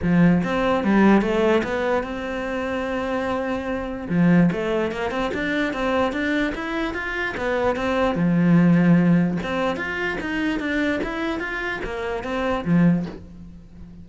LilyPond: \new Staff \with { instrumentName = "cello" } { \time 4/4 \tempo 4 = 147 f4 c'4 g4 a4 | b4 c'2.~ | c'2 f4 a4 | ais8 c'8 d'4 c'4 d'4 |
e'4 f'4 b4 c'4 | f2. c'4 | f'4 dis'4 d'4 e'4 | f'4 ais4 c'4 f4 | }